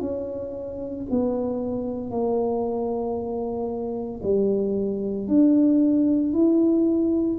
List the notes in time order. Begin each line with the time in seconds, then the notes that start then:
0.00 C#4
1.10 B3
2.11 A#3
4.22 G3
5.28 D4
6.33 E4